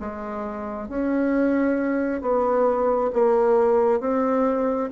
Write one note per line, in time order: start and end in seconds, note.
0.00 0.89 G#3
0.89 2.22 C#4
2.22 3.11 B3
3.13 4.01 A#3
4.01 4.90 C4